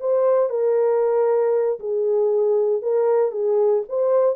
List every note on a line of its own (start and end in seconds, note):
0.00 0.50 C5
0.50 1.79 A#4
1.80 2.82 G#4
2.82 3.32 A#4
3.32 3.83 G#4
3.89 4.36 C5